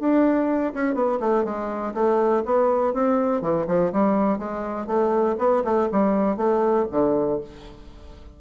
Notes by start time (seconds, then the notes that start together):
0.00 D4
0.74 C#4
0.95 B3
1.20 A3
1.45 G#3
1.94 A3
2.46 B3
2.94 C4
3.42 E3
3.68 F3
3.93 G3
4.39 G#3
4.87 A3
5.39 B3
5.65 A3
5.92 G3
6.37 A3
6.92 D3